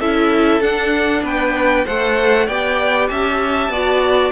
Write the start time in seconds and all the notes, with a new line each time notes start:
0.00 C#4 E4 A4 E5
0.61 D4 F#5
1.23 B3 B4 G5
1.85 A3 A4 C5 F#5
2.46 B3 G4 D5 G5
3.08 C#4 E5 A5
3.69 B3 F#4 D5